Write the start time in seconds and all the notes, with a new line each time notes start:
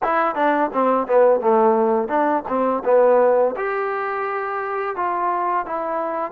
0.03 E4
0.35 D4
0.73 C4
1.07 B3
1.40 A3
2.08 D4
2.47 C4
2.84 B3
3.56 G4
4.96 F4
5.66 E4